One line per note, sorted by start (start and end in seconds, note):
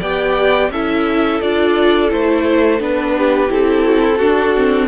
0.00 0.70 B3
0.00 0.71 G4
0.00 0.70 D5
0.00 0.71 G5
0.70 1.40 C#4
0.70 1.42 E4
0.70 3.16 A4
0.70 1.41 E5
1.41 2.12 D4
1.41 2.09 F4
1.41 2.10 D5
2.09 2.80 A3
2.09 2.79 E4
2.09 2.81 C5
2.79 3.50 B3
2.79 3.48 D4
2.79 3.51 B4
3.17 3.86 G4
3.48 4.20 C4
3.48 4.18 E4
3.48 4.88 A4
3.86 4.01 F#4
4.01 4.18 E4
4.18 4.55 D4
4.18 4.88 D4
4.18 4.87 F#4
4.56 4.88 C4